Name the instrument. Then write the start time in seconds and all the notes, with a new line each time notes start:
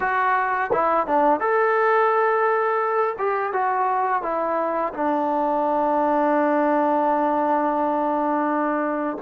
trombone
0.00 F#4
0.73 E4
1.07 D4
1.40 A4
3.18 G4
3.52 F#4
4.22 E4
4.93 D4